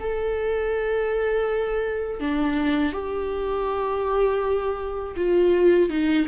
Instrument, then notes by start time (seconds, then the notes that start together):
viola
0.00 A4
2.20 D4
2.93 G4
5.16 F4
5.90 D#4